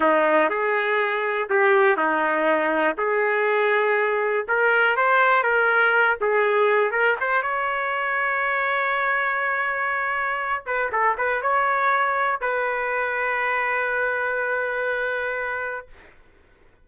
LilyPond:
\new Staff \with { instrumentName = "trumpet" } { \time 4/4 \tempo 4 = 121 dis'4 gis'2 g'4 | dis'2 gis'2~ | gis'4 ais'4 c''4 ais'4~ | ais'8 gis'4. ais'8 c''8 cis''4~ |
cis''1~ | cis''4. b'8 a'8 b'8 cis''4~ | cis''4 b'2.~ | b'1 | }